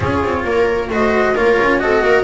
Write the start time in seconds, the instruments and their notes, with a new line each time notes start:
0.00 double bass C#4, cello F4, viola G#4, flute C#5
0.23 double bass C4
0.43 double bass A#3, viola A#4
0.88 double bass A3, cello F#4, viola C5, flute D#5
1.34 double bass A#3, cello F4, viola A#4, flute C#5
1.61 double bass C#4
1.79 double bass C4, cello F#4, viola A4, flute D#5
2.01 double bass A#3, viola A#4